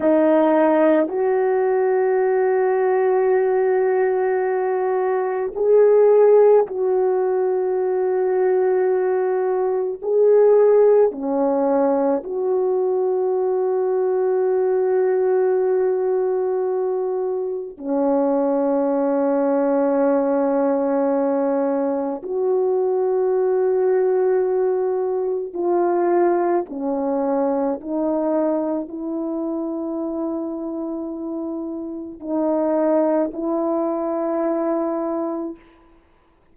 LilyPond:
\new Staff \with { instrumentName = "horn" } { \time 4/4 \tempo 4 = 54 dis'4 fis'2.~ | fis'4 gis'4 fis'2~ | fis'4 gis'4 cis'4 fis'4~ | fis'1 |
cis'1 | fis'2. f'4 | cis'4 dis'4 e'2~ | e'4 dis'4 e'2 | }